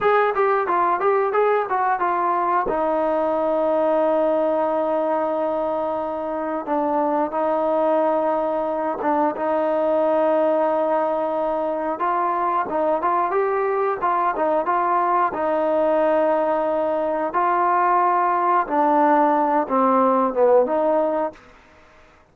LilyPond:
\new Staff \with { instrumentName = "trombone" } { \time 4/4 \tempo 4 = 90 gis'8 g'8 f'8 g'8 gis'8 fis'8 f'4 | dis'1~ | dis'2 d'4 dis'4~ | dis'4. d'8 dis'2~ |
dis'2 f'4 dis'8 f'8 | g'4 f'8 dis'8 f'4 dis'4~ | dis'2 f'2 | d'4. c'4 b8 dis'4 | }